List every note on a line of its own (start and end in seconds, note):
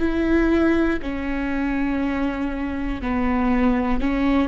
0.00 1.00 E4
1.03 3.02 C#4
3.02 4.01 B3
4.01 4.49 C#4